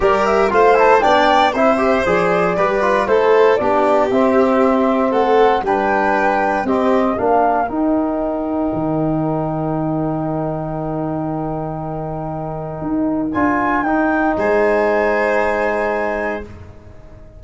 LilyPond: <<
  \new Staff \with { instrumentName = "flute" } { \time 4/4 \tempo 4 = 117 d''8 e''8 f''8 a''8 g''4 e''4 | d''2 c''4 d''4 | e''2 fis''4 g''4~ | g''4 dis''4 f''4 g''4~ |
g''1~ | g''1~ | g''2 gis''4 g''4 | gis''1 | }
  \new Staff \with { instrumentName = "violin" } { \time 4/4 ais'4 c''4 d''4 c''4~ | c''4 b'4 a'4 g'4~ | g'2 a'4 b'4~ | b'4 g'4 ais'2~ |
ais'1~ | ais'1~ | ais'1 | c''1 | }
  \new Staff \with { instrumentName = "trombone" } { \time 4/4 g'4 f'8 e'8 d'4 e'8 g'8 | gis'4 g'8 f'8 e'4 d'4 | c'2. d'4~ | d'4 c'4 d'4 dis'4~ |
dis'1~ | dis'1~ | dis'2 f'4 dis'4~ | dis'1 | }
  \new Staff \with { instrumentName = "tuba" } { \time 4/4 g4 a4 b4 c'4 | f4 g4 a4 b4 | c'2 a4 g4~ | g4 c'4 ais4 dis'4~ |
dis'4 dis2.~ | dis1~ | dis4 dis'4 d'4 dis'4 | gis1 | }
>>